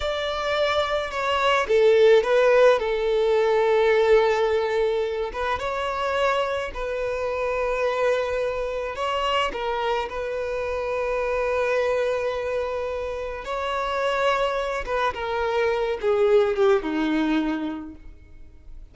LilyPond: \new Staff \with { instrumentName = "violin" } { \time 4/4 \tempo 4 = 107 d''2 cis''4 a'4 | b'4 a'2.~ | a'4. b'8 cis''2 | b'1 |
cis''4 ais'4 b'2~ | b'1 | cis''2~ cis''8 b'8 ais'4~ | ais'8 gis'4 g'8 dis'2 | }